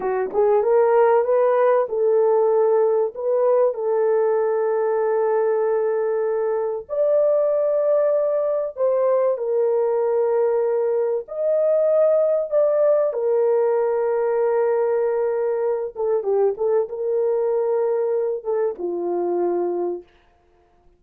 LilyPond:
\new Staff \with { instrumentName = "horn" } { \time 4/4 \tempo 4 = 96 fis'8 gis'8 ais'4 b'4 a'4~ | a'4 b'4 a'2~ | a'2. d''4~ | d''2 c''4 ais'4~ |
ais'2 dis''2 | d''4 ais'2.~ | ais'4. a'8 g'8 a'8 ais'4~ | ais'4. a'8 f'2 | }